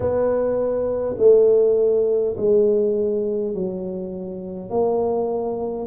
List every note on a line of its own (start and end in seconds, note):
0.00 1.16 B3
1.18 2.35 A3
2.37 3.54 G#3
3.54 4.70 F#3
4.70 5.87 A#3